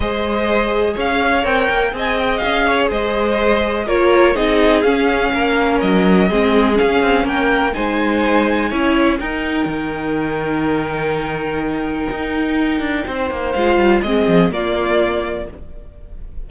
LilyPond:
<<
  \new Staff \with { instrumentName = "violin" } { \time 4/4 \tempo 4 = 124 dis''2 f''4 g''4 | gis''8 g''8 f''4 dis''2 | cis''4 dis''4 f''2 | dis''2 f''4 g''4 |
gis''2. g''4~ | g''1~ | g''1 | f''4 dis''4 d''2 | }
  \new Staff \with { instrumentName = "violin" } { \time 4/4 c''2 cis''2 | dis''4. cis''8 c''2 | ais'4 gis'2 ais'4~ | ais'4 gis'2 ais'4 |
c''2 cis''4 ais'4~ | ais'1~ | ais'2. c''4~ | c''4 gis'4 f'2 | }
  \new Staff \with { instrumentName = "viola" } { \time 4/4 gis'2. ais'4 | gis'1 | f'4 dis'4 cis'2~ | cis'4 c'4 cis'2 |
dis'2 e'4 dis'4~ | dis'1~ | dis'1 | f'4 c'4 ais2 | }
  \new Staff \with { instrumentName = "cello" } { \time 4/4 gis2 cis'4 c'8 ais8 | c'4 cis'4 gis2 | ais4 c'4 cis'4 ais4 | fis4 gis4 cis'8 c'8 ais4 |
gis2 cis'4 dis'4 | dis1~ | dis4 dis'4. d'8 c'8 ais8 | gis8 g8 gis8 f8 ais2 | }
>>